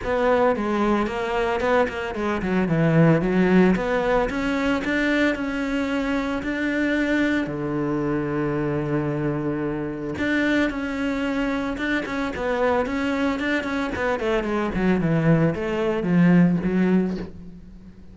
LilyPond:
\new Staff \with { instrumentName = "cello" } { \time 4/4 \tempo 4 = 112 b4 gis4 ais4 b8 ais8 | gis8 fis8 e4 fis4 b4 | cis'4 d'4 cis'2 | d'2 d2~ |
d2. d'4 | cis'2 d'8 cis'8 b4 | cis'4 d'8 cis'8 b8 a8 gis8 fis8 | e4 a4 f4 fis4 | }